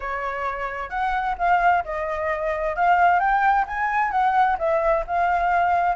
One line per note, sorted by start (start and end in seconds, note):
0.00 0.89 C#5
0.89 1.35 F#5
1.38 1.83 F5
1.84 2.75 D#5
2.76 3.19 F5
3.19 3.65 G5
3.67 4.11 G#5
4.11 4.57 F#5
4.58 5.04 E5
5.07 5.95 F5